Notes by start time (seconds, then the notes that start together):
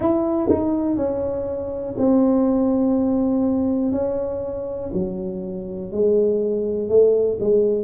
0.00 E4
0.49 D#4
0.96 C#4
1.97 C4
3.92 C#4
4.93 F#3
5.92 G#3
6.89 A3
7.40 G#3